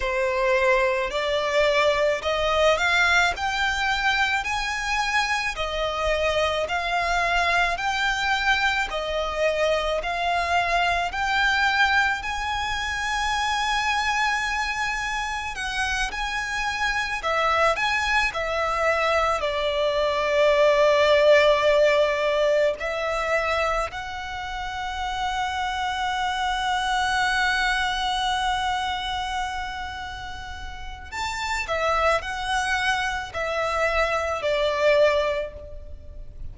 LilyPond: \new Staff \with { instrumentName = "violin" } { \time 4/4 \tempo 4 = 54 c''4 d''4 dis''8 f''8 g''4 | gis''4 dis''4 f''4 g''4 | dis''4 f''4 g''4 gis''4~ | gis''2 fis''8 gis''4 e''8 |
gis''8 e''4 d''2~ d''8~ | d''8 e''4 fis''2~ fis''8~ | fis''1 | a''8 e''8 fis''4 e''4 d''4 | }